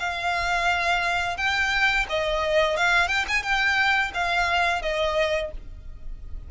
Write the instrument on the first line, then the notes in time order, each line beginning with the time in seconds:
violin
0.00 F5
1.38 G5
2.10 D#5
2.77 F5
3.08 G5
3.28 G#5
3.43 G5
4.14 F5
4.83 D#5